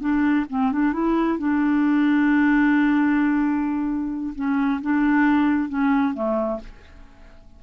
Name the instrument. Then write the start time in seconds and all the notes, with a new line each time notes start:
clarinet
0.00 D4
0.50 C4
0.72 D4
0.93 E4
1.38 D4
4.35 C#4
4.81 D4
5.69 C#4
6.14 A3